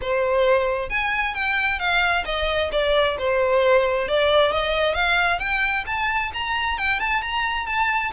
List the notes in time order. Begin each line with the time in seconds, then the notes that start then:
0.01 C5
0.89 G#5
1.34 G5
1.79 F5
2.25 D#5
2.72 D5
3.18 C5
4.08 D5
4.52 D#5
4.94 F5
5.39 G5
5.86 A5
6.33 A#5
6.78 G5
6.99 A5
7.21 A#5
7.66 A5